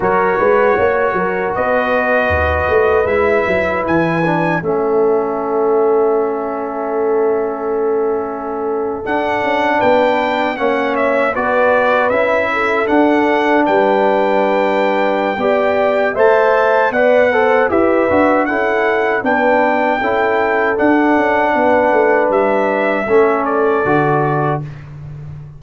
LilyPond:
<<
  \new Staff \with { instrumentName = "trumpet" } { \time 4/4 \tempo 4 = 78 cis''2 dis''2 | e''4 gis''4 e''2~ | e''2.~ e''8. fis''16~ | fis''8. g''4 fis''8 e''8 d''4 e''16~ |
e''8. fis''4 g''2~ g''16~ | g''4 a''4 fis''4 e''4 | fis''4 g''2 fis''4~ | fis''4 e''4. d''4. | }
  \new Staff \with { instrumentName = "horn" } { \time 4/4 ais'8 b'8 cis''8 ais'8 b'2~ | b'2 a'2~ | a'1~ | a'8. b'4 cis''4 b'4~ b'16~ |
b'16 a'4. b'2~ b'16 | d''4 e''4 d''8 c''8 b'4 | a'4 b'4 a'2 | b'2 a'2 | }
  \new Staff \with { instrumentName = "trombone" } { \time 4/4 fis'1 | e'4. d'8 cis'2~ | cis'2.~ cis'8. d'16~ | d'4.~ d'16 cis'4 fis'4 e'16~ |
e'8. d'2.~ d'16 | g'4 c''4 b'8 a'8 g'8 fis'8 | e'4 d'4 e'4 d'4~ | d'2 cis'4 fis'4 | }
  \new Staff \with { instrumentName = "tuba" } { \time 4/4 fis8 gis8 ais8 fis8 b4 dis,8 a8 | gis8 fis8 e4 a2~ | a2.~ a8. d'16~ | d'16 cis'8 b4 ais4 b4 cis'16~ |
cis'8. d'4 g2~ g16 | b4 a4 b4 e'8 d'8 | cis'4 b4 cis'4 d'8 cis'8 | b8 a8 g4 a4 d4 | }
>>